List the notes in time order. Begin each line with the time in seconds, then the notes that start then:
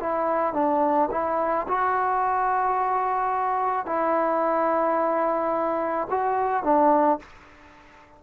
0.00 E4
0.54 D4
1.11 E4
1.68 F#4
3.86 E4
6.11 F#4
6.64 D4